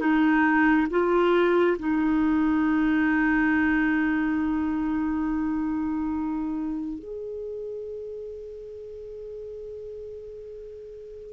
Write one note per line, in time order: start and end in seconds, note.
0.00 0.87 D#4
0.90 1.77 F4
1.79 6.99 D#4
6.99 11.33 G#4